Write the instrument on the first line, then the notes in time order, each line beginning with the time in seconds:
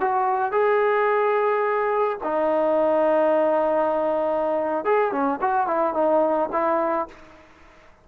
trombone
0.00 F#4
0.52 G#4
2.23 D#4
4.85 G#4
5.12 C#4
5.41 F#4
5.67 E4
5.94 D#4
6.52 E4